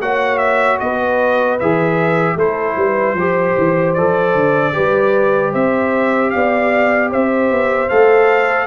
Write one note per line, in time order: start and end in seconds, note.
0.00 0.79 A#3
0.00 1.59 F#4
0.00 0.80 C#5
0.00 0.38 F#5
0.38 0.77 E5
0.79 1.60 B3
0.79 2.37 B4
0.79 1.58 D#5
1.59 2.35 E3
1.59 2.38 G#4
1.59 2.38 E5
2.35 2.75 A3
2.35 3.17 E4
2.35 2.76 A4
2.35 3.94 C5
2.76 3.14 G3
2.76 3.16 B4
3.14 3.53 F3
3.14 3.97 G4
3.14 4.74 C5
3.57 3.97 E3
3.94 4.35 F3
3.94 4.73 A4
3.94 5.52 D5
4.35 4.74 D3
4.73 5.54 G3
4.73 7.89 G4
4.73 5.52 B4
5.52 6.33 C4
5.52 6.31 C5
5.52 6.30 E5
6.30 7.13 B3
6.30 7.10 D5
6.30 7.09 F5
7.10 7.51 C4
7.10 8.67 C5
7.10 7.89 E5
7.51 7.90 B3
7.89 8.67 A3
7.89 8.67 A4
7.89 8.67 F5